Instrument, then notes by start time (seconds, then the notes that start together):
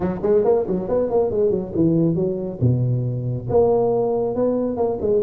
tuba
0.00 F#3
0.22 G#3
0.44 A#3
0.67 F#3
0.88 B3
1.10 A#3
1.30 G#3
1.50 F#3
1.75 E3
2.15 F#3
2.60 B2
3.49 A#3
4.35 B3
4.76 A#3
5.01 G#3